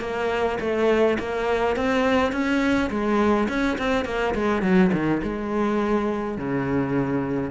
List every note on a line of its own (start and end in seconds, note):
0.00 0.58 A#3
0.60 1.17 A3
1.19 1.76 A#3
1.76 2.32 C4
2.32 2.90 C#4
2.90 3.47 G#3
3.48 3.77 C#4
3.78 4.05 C4
4.05 4.34 A#3
4.34 4.62 G#3
4.62 4.90 F#3
4.92 5.21 D#3
5.23 6.37 G#3
6.37 7.50 C#3